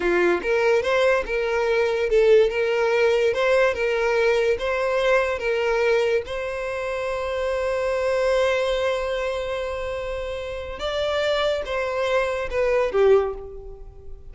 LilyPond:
\new Staff \with { instrumentName = "violin" } { \time 4/4 \tempo 4 = 144 f'4 ais'4 c''4 ais'4~ | ais'4 a'4 ais'2 | c''4 ais'2 c''4~ | c''4 ais'2 c''4~ |
c''1~ | c''1~ | c''2 d''2 | c''2 b'4 g'4 | }